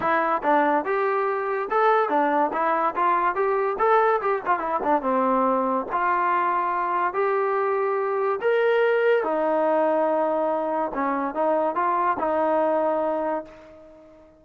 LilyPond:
\new Staff \with { instrumentName = "trombone" } { \time 4/4 \tempo 4 = 143 e'4 d'4 g'2 | a'4 d'4 e'4 f'4 | g'4 a'4 g'8 f'8 e'8 d'8 | c'2 f'2~ |
f'4 g'2. | ais'2 dis'2~ | dis'2 cis'4 dis'4 | f'4 dis'2. | }